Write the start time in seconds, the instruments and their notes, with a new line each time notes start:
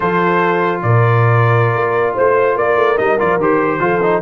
0.00 tuba F3, trombone F4, horn A4, trumpet C5
0.82 tuba A#2, horn A#4, trumpet D5
1.75 tuba A#3
2.13 tuba A3, horn C5, trumpet C5
2.55 tuba A#3, horn A#4, trumpet D5
2.76 tuba A3
2.96 tuba G3, trombone D#4, trumpet D#5
3.19 tuba F3, trombone F4, trumpet D5
3.37 tuba D#3, trombone G4, trumpet C5
3.80 tuba F3, trombone F4, horn A4
4.02 trombone D#4